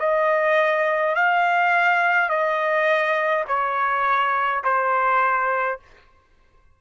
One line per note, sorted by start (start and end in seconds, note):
0.00 1.15 D#5
1.15 2.30 F5
2.30 3.45 D#5
3.48 4.64 C#5
4.64 5.80 C5